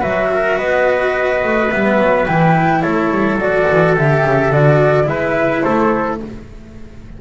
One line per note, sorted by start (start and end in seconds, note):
0.00 0.59 F#3
0.00 1.68 F#4
0.00 0.28 B4
0.00 0.58 E5
0.34 0.58 A#4
0.58 1.43 B3
0.58 2.82 B4
0.58 1.70 D#5
1.44 1.72 A3
1.70 1.99 G3
1.70 2.27 B3
1.70 2.26 E5
1.99 2.27 F#3
2.27 2.84 E3
2.27 3.39 E4
2.27 2.82 G5
2.82 3.11 A3
2.82 5.07 A4
2.82 3.38 C#5
3.11 3.36 G3
3.36 3.64 F#3
3.36 3.96 F#4
3.36 3.96 D5
3.71 3.97 E3
3.96 4.25 D3
3.96 4.52 G4
3.96 4.52 E5
4.25 4.52 C#3
4.52 5.06 D3
4.52 5.04 F#4
4.52 5.08 D5
5.04 5.62 G#3
5.04 6.16 E4
5.04 5.64 B4
5.04 5.62 E5
5.62 6.21 A3
5.62 6.20 A4
5.62 6.18 C5